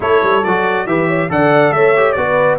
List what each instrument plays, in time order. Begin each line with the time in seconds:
0.00 tuba A3, trombone E4, horn A4, trumpet C#5
0.22 tuba G3
0.43 tuba F#3, trombone F#4, trumpet D5
0.86 tuba E3, trombone G4, horn B4, trumpet E5
1.07 horn C#5
1.29 tuba D3, trombone A4, horn D5, trumpet F#5
1.71 tuba A3, horn C#5, trumpet E5
1.96 trombone G4
2.12 tuba B3, trombone F#4, horn B4, trumpet D5